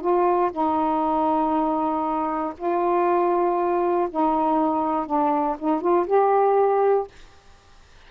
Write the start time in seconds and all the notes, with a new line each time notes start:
0.00 F4
0.52 D#4
2.57 F4
4.10 D#4
5.06 D4
5.59 D#4
5.81 F4
6.06 G4